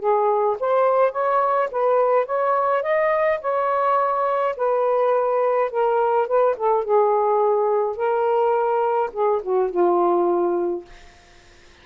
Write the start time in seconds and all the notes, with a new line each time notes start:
0.00 G#4
0.60 C5
1.12 C#5
1.72 B4
2.26 C#5
2.83 D#5
3.42 C#5
4.57 B4
5.71 A#4
6.28 B4
6.57 A4
6.84 G#4
7.97 A#4
9.13 G#4
9.43 F#4
9.71 F4